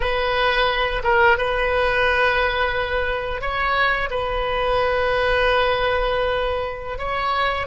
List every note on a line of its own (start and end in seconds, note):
0.00 1.02 B4
1.03 1.37 A#4
1.37 3.41 B4
3.41 4.09 C#5
4.10 6.98 B4
6.98 7.66 C#5